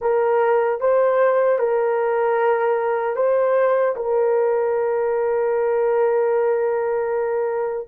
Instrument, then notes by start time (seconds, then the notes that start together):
horn
0.01 A#4
0.80 C5
1.58 A#4
3.16 C5
3.95 A#4